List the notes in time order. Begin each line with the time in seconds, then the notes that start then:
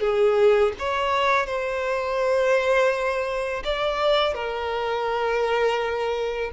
0.00 G#4
0.79 C#5
1.46 C5
3.64 D5
4.34 A#4